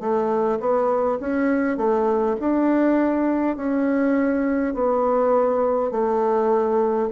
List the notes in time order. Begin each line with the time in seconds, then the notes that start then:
0.00 A3
0.60 B3
1.20 C#4
1.77 A3
2.40 D4
3.57 C#4
4.74 B3
5.91 A3